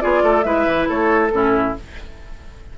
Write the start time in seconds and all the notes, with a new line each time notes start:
0.00 B3 F4 G#4 D5
0.23 A3 A4
0.42 G#3 E4 B4 E5
0.67 E3
0.88 A3 A4 C#5
1.28 A2 C#4 A4
1.34 E4